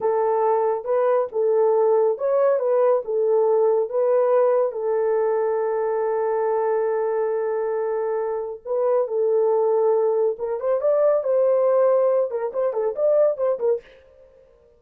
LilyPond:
\new Staff \with { instrumentName = "horn" } { \time 4/4 \tempo 4 = 139 a'2 b'4 a'4~ | a'4 cis''4 b'4 a'4~ | a'4 b'2 a'4~ | a'1~ |
a'1 | b'4 a'2. | ais'8 c''8 d''4 c''2~ | c''8 ais'8 c''8 a'8 d''4 c''8 ais'8 | }